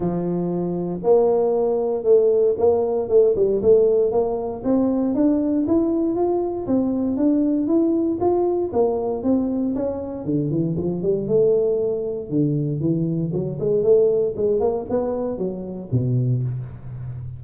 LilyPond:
\new Staff \with { instrumentName = "tuba" } { \time 4/4 \tempo 4 = 117 f2 ais2 | a4 ais4 a8 g8 a4 | ais4 c'4 d'4 e'4 | f'4 c'4 d'4 e'4 |
f'4 ais4 c'4 cis'4 | d8 e8 f8 g8 a2 | d4 e4 fis8 gis8 a4 | gis8 ais8 b4 fis4 b,4 | }